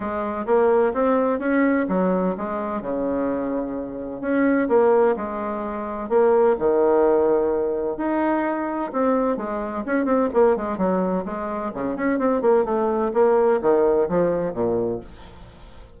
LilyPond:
\new Staff \with { instrumentName = "bassoon" } { \time 4/4 \tempo 4 = 128 gis4 ais4 c'4 cis'4 | fis4 gis4 cis2~ | cis4 cis'4 ais4 gis4~ | gis4 ais4 dis2~ |
dis4 dis'2 c'4 | gis4 cis'8 c'8 ais8 gis8 fis4 | gis4 cis8 cis'8 c'8 ais8 a4 | ais4 dis4 f4 ais,4 | }